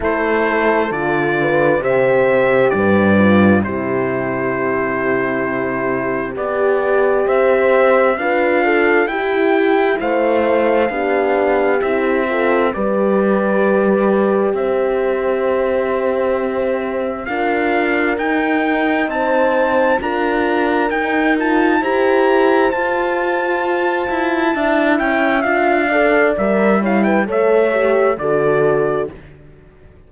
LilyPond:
<<
  \new Staff \with { instrumentName = "trumpet" } { \time 4/4 \tempo 4 = 66 c''4 d''4 e''4 d''4 | c''2. d''4 | e''4 f''4 g''4 f''4~ | f''4 e''4 d''2 |
e''2. f''4 | g''4 a''4 ais''4 g''8 a''8 | ais''4 a''2~ a''8 g''8 | f''4 e''8 f''16 g''16 e''4 d''4 | }
  \new Staff \with { instrumentName = "horn" } { \time 4/4 a'4. b'8 c''4 b'4 | g'1 | c''4 b'8 a'8 g'4 c''4 | g'4. a'8 b'2 |
c''2. ais'4~ | ais'4 c''4 ais'2 | c''2. e''4~ | e''8 d''4 cis''16 b'16 cis''4 a'4 | }
  \new Staff \with { instrumentName = "horn" } { \time 4/4 e'4 f'4 g'4. f'8 | e'2. g'4~ | g'4 f'4 e'2 | d'4 e'8 f'8 g'2~ |
g'2. f'4 | dis'2 f'4 dis'8 f'8 | g'4 f'2 e'4 | f'8 a'8 ais'8 e'8 a'8 g'8 fis'4 | }
  \new Staff \with { instrumentName = "cello" } { \time 4/4 a4 d4 c4 g,4 | c2. b4 | c'4 d'4 e'4 a4 | b4 c'4 g2 |
c'2. d'4 | dis'4 c'4 d'4 dis'4 | e'4 f'4. e'8 d'8 cis'8 | d'4 g4 a4 d4 | }
>>